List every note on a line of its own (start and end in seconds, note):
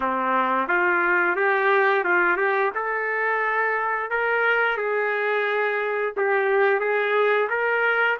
0.00 0.68 C4
0.68 1.36 F4
1.36 2.04 G4
2.04 2.36 F4
2.36 2.70 G4
2.74 4.10 A4
4.10 4.77 A#4
4.77 6.13 G#4
6.16 6.80 G4
6.80 7.48 G#4
7.49 8.17 A#4